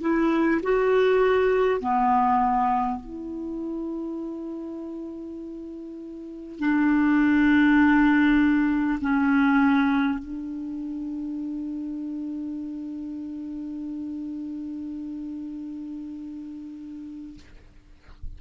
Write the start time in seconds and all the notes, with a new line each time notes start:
0.00 E4
0.62 F#4
1.80 B3
2.99 E4
6.59 D4
9.01 C#4
10.18 D4